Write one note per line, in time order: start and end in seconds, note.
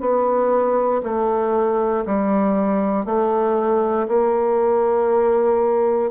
0.00 1.02 B3
1.03 2.04 A3
2.06 3.06 G3
3.06 4.07 A3
4.08 6.11 A#3